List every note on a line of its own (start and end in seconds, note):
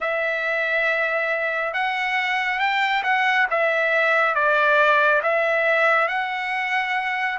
0.00 1.74 E5
1.74 2.59 F#5
2.59 3.02 G5
3.03 3.46 F#5
3.50 4.34 E5
4.34 5.21 D5
5.23 6.08 E5
6.08 7.38 F#5